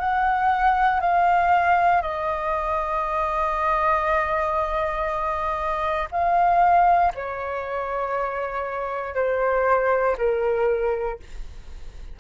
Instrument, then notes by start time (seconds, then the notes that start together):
flute
0.00 F#5
1.01 F5
2.02 D#5
6.12 F5
7.15 C#5
9.15 C5
10.18 A#4